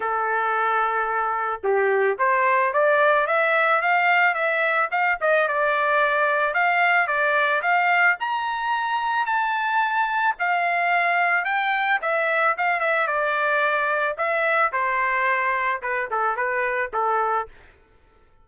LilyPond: \new Staff \with { instrumentName = "trumpet" } { \time 4/4 \tempo 4 = 110 a'2. g'4 | c''4 d''4 e''4 f''4 | e''4 f''8 dis''8 d''2 | f''4 d''4 f''4 ais''4~ |
ais''4 a''2 f''4~ | f''4 g''4 e''4 f''8 e''8 | d''2 e''4 c''4~ | c''4 b'8 a'8 b'4 a'4 | }